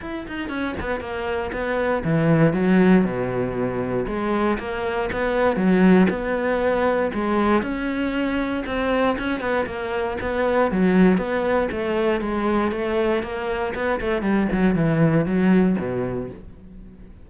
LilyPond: \new Staff \with { instrumentName = "cello" } { \time 4/4 \tempo 4 = 118 e'8 dis'8 cis'8 b8 ais4 b4 | e4 fis4 b,2 | gis4 ais4 b4 fis4 | b2 gis4 cis'4~ |
cis'4 c'4 cis'8 b8 ais4 | b4 fis4 b4 a4 | gis4 a4 ais4 b8 a8 | g8 fis8 e4 fis4 b,4 | }